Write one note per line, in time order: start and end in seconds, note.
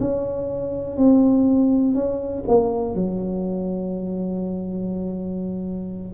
0.00 0.97 C#4
0.97 1.94 C4
1.94 2.44 C#4
2.48 2.95 A#3
2.95 6.14 F#3